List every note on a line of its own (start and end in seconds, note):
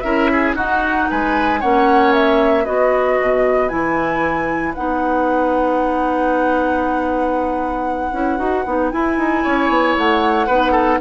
0.00 0.54 C#4
0.00 0.56 E4
0.00 0.30 A#4
0.00 0.52 E5
0.32 0.56 G#4
0.54 1.06 D#4
0.54 1.61 D#4
0.54 1.08 F#4
0.54 1.09 F#5
1.10 1.62 G#3
1.10 1.60 B4
1.10 1.60 G#5
1.60 2.67 A#3
1.60 2.64 C#4
1.60 2.64 C#5
1.60 2.12 F#5
2.13 2.65 E5
2.64 3.19 B3
2.64 3.68 F#4
2.64 9.42 B4
2.64 3.68 D#5
3.21 3.71 B2
3.68 4.75 E3
3.68 4.73 E4
3.68 4.72 G#5
4.74 8.12 B3
4.74 8.13 D#4
4.74 8.91 F#5
8.12 8.38 C#4
8.12 8.37 E4
8.37 8.64 D#4
8.37 8.64 F#4
8.65 8.91 B3
8.65 8.91 D#4
8.91 10.48 E4
8.91 9.17 E4
8.91 9.95 G#5
9.17 9.43 D#4
9.43 9.68 C#4
9.43 10.46 C#5
9.68 9.95 B3
9.97 10.47 A3
9.97 11.00 F#5
10.46 10.99 B3
10.46 11.00 D#4
10.46 10.71 B4
10.71 10.97 A4